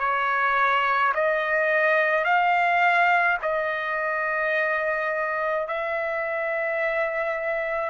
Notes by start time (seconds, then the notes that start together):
0.00 C#5
1.15 D#5
2.24 F5
3.42 D#5
5.68 E5